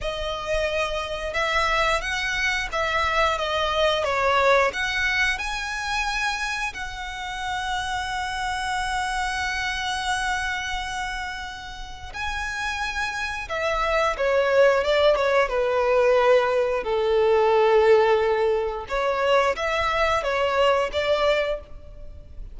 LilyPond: \new Staff \with { instrumentName = "violin" } { \time 4/4 \tempo 4 = 89 dis''2 e''4 fis''4 | e''4 dis''4 cis''4 fis''4 | gis''2 fis''2~ | fis''1~ |
fis''2 gis''2 | e''4 cis''4 d''8 cis''8 b'4~ | b'4 a'2. | cis''4 e''4 cis''4 d''4 | }